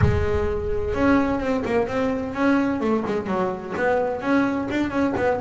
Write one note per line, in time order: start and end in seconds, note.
0.01 0.94 G#3
0.94 1.40 C#4
1.40 1.63 C4
1.65 1.87 A#3
1.87 2.34 C4
2.34 2.80 C#4
2.80 3.03 A3
3.06 3.27 G#3
3.27 3.74 F#3
3.76 4.21 B3
4.21 4.67 C#4
4.70 4.90 D4
4.90 5.13 C#4
5.16 5.40 B3